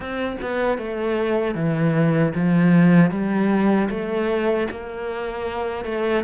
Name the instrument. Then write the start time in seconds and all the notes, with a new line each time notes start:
cello
0.00 C4
0.41 B3
0.78 A3
1.54 E3
2.34 F3
3.10 G3
3.90 A3
4.70 A#3
5.84 A3